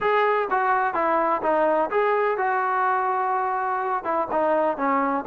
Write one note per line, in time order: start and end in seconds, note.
0.00 0.48 G#4
0.50 0.94 F#4
0.94 1.41 E4
1.42 1.90 D#4
1.90 2.37 G#4
2.37 4.03 F#4
4.03 4.27 E4
4.31 4.77 D#4
4.77 5.24 C#4